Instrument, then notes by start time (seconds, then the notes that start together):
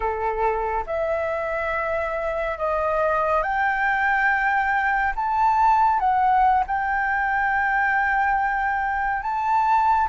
flute
0.00 A4
0.86 E5
2.58 D#5
3.42 G5
5.15 A5
5.99 F#5
6.67 G5
9.22 A5